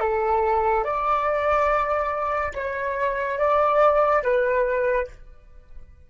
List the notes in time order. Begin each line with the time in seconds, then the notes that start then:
0.00 A4
0.84 D5
2.54 C#5
3.39 D5
4.23 B4